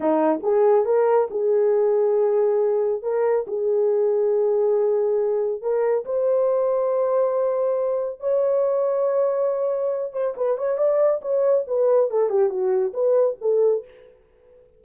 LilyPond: \new Staff \with { instrumentName = "horn" } { \time 4/4 \tempo 4 = 139 dis'4 gis'4 ais'4 gis'4~ | gis'2. ais'4 | gis'1~ | gis'4 ais'4 c''2~ |
c''2. cis''4~ | cis''2.~ cis''8 c''8 | b'8 cis''8 d''4 cis''4 b'4 | a'8 g'8 fis'4 b'4 a'4 | }